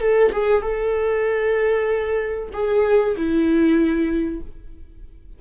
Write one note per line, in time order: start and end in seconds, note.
0.00 0.31 A4
0.32 0.61 G#4
0.61 2.49 A4
2.53 3.15 G#4
3.16 4.41 E4